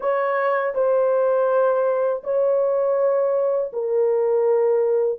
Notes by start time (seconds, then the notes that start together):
0.00 C#5
0.74 C5
2.23 C#5
3.72 A#4